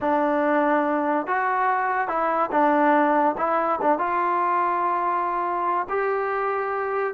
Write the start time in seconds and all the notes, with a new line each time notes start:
0.00 D4
1.27 F#4
2.08 E4
2.51 D4
3.37 E4
3.81 D4
3.98 F4
5.89 G4